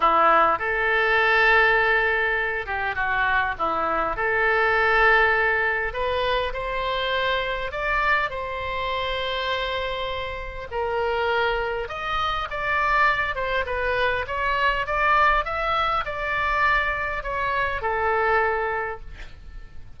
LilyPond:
\new Staff \with { instrumentName = "oboe" } { \time 4/4 \tempo 4 = 101 e'4 a'2.~ | a'8 g'8 fis'4 e'4 a'4~ | a'2 b'4 c''4~ | c''4 d''4 c''2~ |
c''2 ais'2 | dis''4 d''4. c''8 b'4 | cis''4 d''4 e''4 d''4~ | d''4 cis''4 a'2 | }